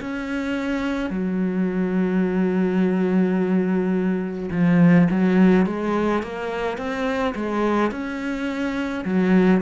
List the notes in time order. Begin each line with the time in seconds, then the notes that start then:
0.00 C#4
1.10 F#3
4.51 F3
5.10 F#3
5.66 G#3
6.23 A#3
6.77 C4
7.35 G#3
7.91 C#4
9.04 F#3